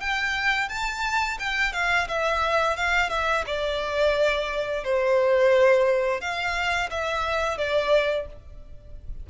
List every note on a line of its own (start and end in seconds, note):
0.00 0.69 G5
0.69 1.38 A5
1.39 1.73 G5
1.73 2.08 F5
2.08 2.76 E5
2.76 3.10 F5
3.10 3.44 E5
3.46 4.84 D5
4.84 6.21 C5
6.21 6.90 F5
6.91 7.58 E5
7.58 8.27 D5